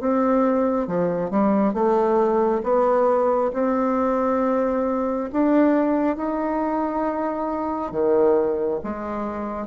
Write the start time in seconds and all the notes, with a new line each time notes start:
0.00 C4
0.87 F3
1.31 G3
1.74 A3
2.64 B3
3.53 C4
5.33 D4
6.16 D#4
7.92 D#3
8.84 G#3